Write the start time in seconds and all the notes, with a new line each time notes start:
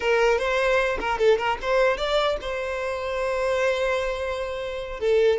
0.00 A#4
0.38 C5
1.00 A#4
1.18 A4
1.38 A#4
1.61 C5
1.97 D5
2.41 C5
4.99 A4